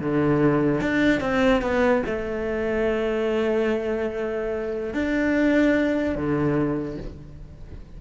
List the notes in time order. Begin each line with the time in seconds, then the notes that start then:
0.00 D3
0.81 D4
1.20 C4
1.62 B3
2.06 A3
4.94 D4
6.15 D3